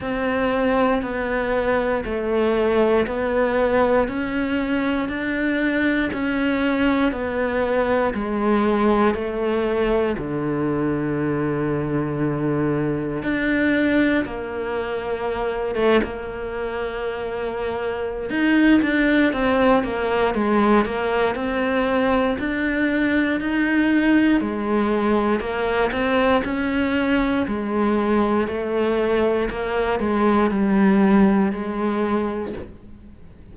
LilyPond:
\new Staff \with { instrumentName = "cello" } { \time 4/4 \tempo 4 = 59 c'4 b4 a4 b4 | cis'4 d'4 cis'4 b4 | gis4 a4 d2~ | d4 d'4 ais4. a16 ais16~ |
ais2 dis'8 d'8 c'8 ais8 | gis8 ais8 c'4 d'4 dis'4 | gis4 ais8 c'8 cis'4 gis4 | a4 ais8 gis8 g4 gis4 | }